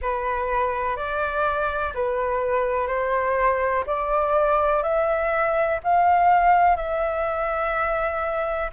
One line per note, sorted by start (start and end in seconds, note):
0.01 0.96 B4
0.96 1.93 D5
1.94 2.87 B4
2.87 3.84 C5
3.86 4.82 D5
4.82 5.79 E5
5.83 6.76 F5
6.76 8.70 E5